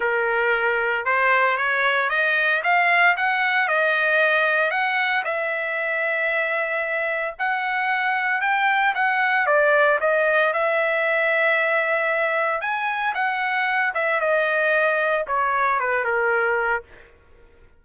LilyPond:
\new Staff \with { instrumentName = "trumpet" } { \time 4/4 \tempo 4 = 114 ais'2 c''4 cis''4 | dis''4 f''4 fis''4 dis''4~ | dis''4 fis''4 e''2~ | e''2 fis''2 |
g''4 fis''4 d''4 dis''4 | e''1 | gis''4 fis''4. e''8 dis''4~ | dis''4 cis''4 b'8 ais'4. | }